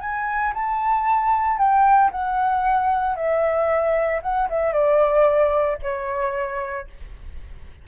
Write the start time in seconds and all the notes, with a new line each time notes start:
0.00 G#5
0.54 A5
1.58 G5
2.11 F#5
3.16 E5
4.22 F#5
4.49 E5
4.72 D5
5.82 C#5